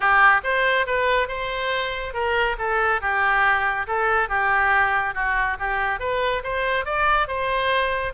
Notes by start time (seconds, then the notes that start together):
0.00 G4
0.43 C5
0.86 B4
1.27 C5
2.13 A#4
2.58 A4
3.01 G4
3.87 A4
4.29 G4
5.14 F#4
5.59 G4
5.99 B4
6.43 C5
6.85 D5
7.27 C5